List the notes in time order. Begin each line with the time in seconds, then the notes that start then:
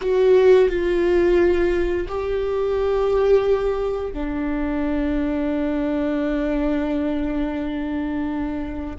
0.01 F#4
0.69 F4
2.08 G4
4.13 D4